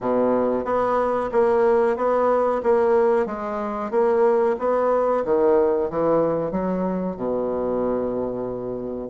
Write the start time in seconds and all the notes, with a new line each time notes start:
0.00 B2
0.64 B3
1.32 A#3
1.96 B3
2.63 A#3
3.26 G#3
3.90 A#3
4.59 B3
5.24 D#3
5.90 E3
6.51 F#3
7.16 B2